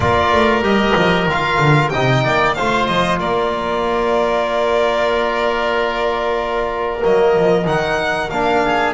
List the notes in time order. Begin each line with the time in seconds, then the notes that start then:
0.00 A#3 F4 A#4 D5
0.32 A3
0.61 G3 G4 D#5
0.96 F3
1.26 D#3 F4 F5
1.58 D3
1.89 C3 D#4 D#5 G5
2.24 A#3 D5
2.54 A3 F4 C5 F5
2.86 F3 D#5
3.19 A#3 A#4 D5
6.98 A#3 D#5
7.05 F#3
7.37 F3
7.65 D#3 D#4 F#5
8.30 A#3 D4 F5
8.64 G#4